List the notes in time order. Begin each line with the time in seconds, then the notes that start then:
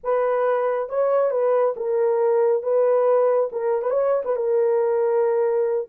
0.03 B4
0.89 C#5
1.30 B4
1.76 A#4
2.62 B4
3.52 A#4
3.82 B4
3.90 C#5
4.25 B4
4.36 A#4